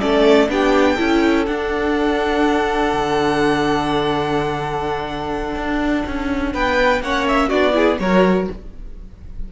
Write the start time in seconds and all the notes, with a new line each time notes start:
0.00 A3 C#4 A4 D5
0.49 B3 D4 G4 G5
0.95 C#4 E4 A4
1.46 D4 F#5
2.93 D3
5.56 D4
6.06 C#4
6.54 B3 B4 G5
7.02 A#3 C#4 C#5 F#5
7.28 E5
7.49 B3 D4 F#4 D5
7.73 E4 G#4
7.99 F#3 F#4 A#4 C#5